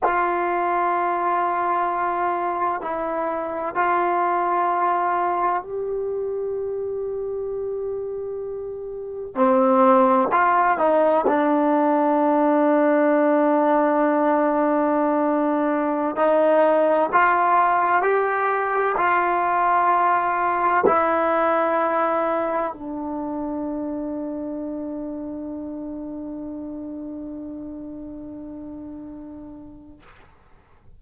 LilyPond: \new Staff \with { instrumentName = "trombone" } { \time 4/4 \tempo 4 = 64 f'2. e'4 | f'2 g'2~ | g'2 c'4 f'8 dis'8 | d'1~ |
d'4~ d'16 dis'4 f'4 g'8.~ | g'16 f'2 e'4.~ e'16~ | e'16 d'2.~ d'8.~ | d'1 | }